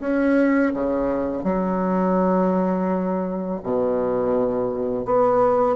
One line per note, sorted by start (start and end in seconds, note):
0.00 0.72 C#4
0.74 1.44 C#3
1.44 3.60 F#3
3.63 5.05 B2
5.05 5.76 B3